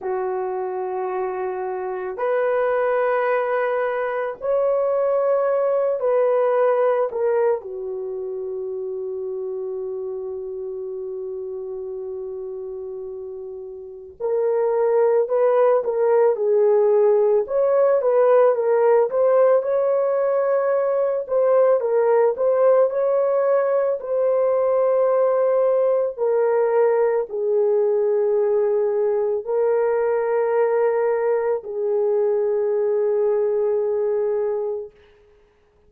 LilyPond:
\new Staff \with { instrumentName = "horn" } { \time 4/4 \tempo 4 = 55 fis'2 b'2 | cis''4. b'4 ais'8 fis'4~ | fis'1~ | fis'4 ais'4 b'8 ais'8 gis'4 |
cis''8 b'8 ais'8 c''8 cis''4. c''8 | ais'8 c''8 cis''4 c''2 | ais'4 gis'2 ais'4~ | ais'4 gis'2. | }